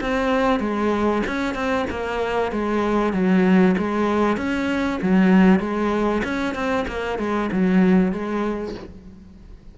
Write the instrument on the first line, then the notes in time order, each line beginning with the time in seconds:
cello
0.00 C4
0.59 G#3
1.26 C#4
1.54 C4
1.90 A#3
2.51 G#3
3.12 F#3
3.78 G#3
4.36 C#4
5.01 F#3
5.59 G#3
6.23 C#4
6.54 C4
6.87 A#3
7.18 G#3
7.52 F#3
8.12 G#3